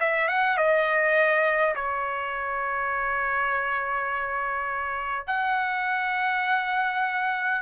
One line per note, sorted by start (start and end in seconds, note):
0.00 0.28 E5
0.28 0.57 F#5
0.57 1.74 D#5
1.75 5.27 C#5
5.27 7.61 F#5